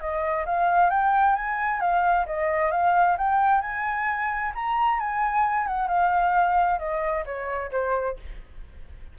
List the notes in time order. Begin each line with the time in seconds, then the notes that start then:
0.00 D#5
0.45 F5
0.90 G5
1.35 G#5
1.80 F5
2.26 D#5
2.71 F5
3.17 G5
3.61 G#5
4.55 A#5
5.00 G#5
5.67 F#5
5.88 F5
6.79 D#5
7.25 C#5
7.71 C5